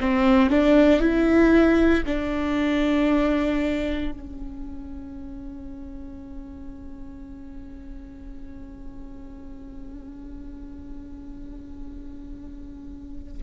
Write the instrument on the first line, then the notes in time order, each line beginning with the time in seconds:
viola
0.00 C4
0.50 D4
1.00 E4
2.05 D4
4.11 C#4